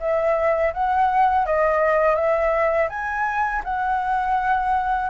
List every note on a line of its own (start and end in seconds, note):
0.00 0.73 E5
0.73 1.46 F#5
1.46 2.15 D#5
2.15 2.88 E5
2.89 3.62 G#5
3.64 5.09 F#5